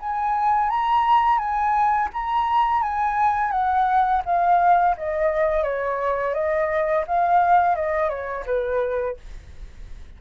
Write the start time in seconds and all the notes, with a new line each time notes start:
0.00 G#5
0.70 A#5
1.39 G#5
2.14 A#5
2.83 G#5
3.52 F#5
4.25 F5
4.98 D#5
5.64 C#5
6.35 D#5
7.08 F5
7.76 D#5
8.10 C#5
8.47 B4